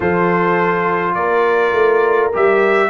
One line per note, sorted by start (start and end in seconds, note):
0.00 1.15 F3
0.00 2.32 F4
0.00 1.15 A4
0.00 1.14 C5
1.14 1.73 A#3
1.14 2.89 A#4
1.14 2.31 D5
1.73 2.31 A3
2.33 2.89 G3
2.33 2.89 G4
2.33 2.89 E5